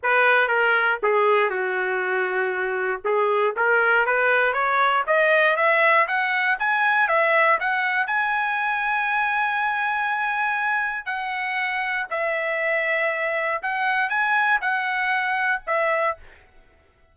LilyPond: \new Staff \with { instrumentName = "trumpet" } { \time 4/4 \tempo 4 = 119 b'4 ais'4 gis'4 fis'4~ | fis'2 gis'4 ais'4 | b'4 cis''4 dis''4 e''4 | fis''4 gis''4 e''4 fis''4 |
gis''1~ | gis''2 fis''2 | e''2. fis''4 | gis''4 fis''2 e''4 | }